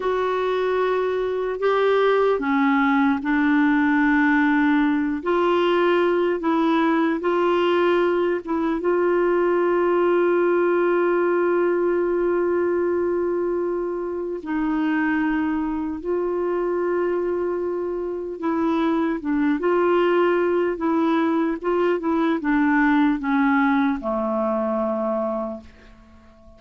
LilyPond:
\new Staff \with { instrumentName = "clarinet" } { \time 4/4 \tempo 4 = 75 fis'2 g'4 cis'4 | d'2~ d'8 f'4. | e'4 f'4. e'8 f'4~ | f'1~ |
f'2 dis'2 | f'2. e'4 | d'8 f'4. e'4 f'8 e'8 | d'4 cis'4 a2 | }